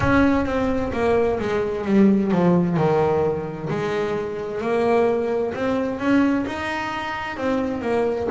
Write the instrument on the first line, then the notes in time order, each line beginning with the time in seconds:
double bass
0.00 C#4
0.45 C4
0.92 A#3
1.39 G#3
1.85 G3
2.31 F3
2.77 D#3
3.69 G#3
4.61 A#3
5.54 C4
5.99 C#4
6.46 D#4
7.36 C4
7.81 A#3